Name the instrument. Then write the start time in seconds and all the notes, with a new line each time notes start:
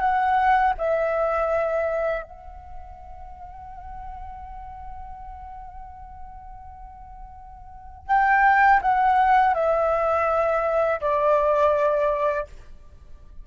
flute
0.00 F#5
0.78 E5
2.23 F#5
8.07 G5
8.81 F#5
9.54 E5
11.00 D5